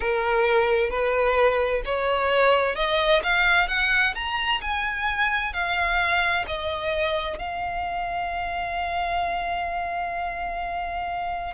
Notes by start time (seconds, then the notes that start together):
0.00 A#4
0.90 B4
1.85 C#5
2.75 D#5
3.23 F5
3.68 F#5
4.15 A#5
4.61 G#5
5.53 F5
6.47 D#5
7.38 F5